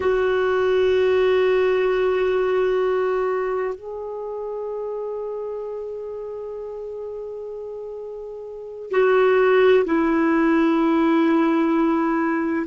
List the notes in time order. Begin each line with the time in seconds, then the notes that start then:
0.00 F#4
3.75 G#4
8.90 F#4
9.85 E4